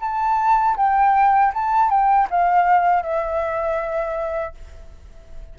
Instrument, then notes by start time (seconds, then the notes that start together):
flute
0.00 A5
0.76 G5
1.54 A5
1.90 G5
2.30 F5
3.02 E5